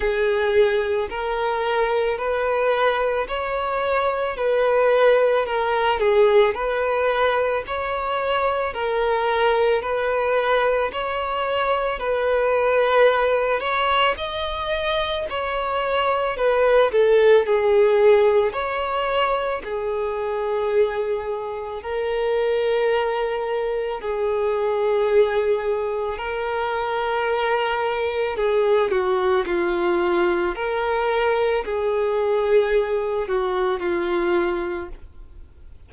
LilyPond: \new Staff \with { instrumentName = "violin" } { \time 4/4 \tempo 4 = 55 gis'4 ais'4 b'4 cis''4 | b'4 ais'8 gis'8 b'4 cis''4 | ais'4 b'4 cis''4 b'4~ | b'8 cis''8 dis''4 cis''4 b'8 a'8 |
gis'4 cis''4 gis'2 | ais'2 gis'2 | ais'2 gis'8 fis'8 f'4 | ais'4 gis'4. fis'8 f'4 | }